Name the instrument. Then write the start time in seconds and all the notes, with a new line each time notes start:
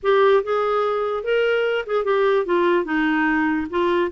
clarinet
0.02 G4
0.43 G#4
1.23 A#4
1.86 G#4
2.04 G4
2.45 F4
2.85 D#4
3.70 F4